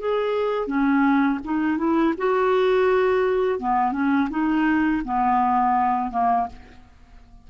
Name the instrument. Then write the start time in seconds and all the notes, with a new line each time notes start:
clarinet
0.00 G#4
0.67 C#4
1.45 D#4
1.78 E4
2.18 F#4
3.60 B3
3.92 C#4
4.30 D#4
5.05 B3
6.11 A#3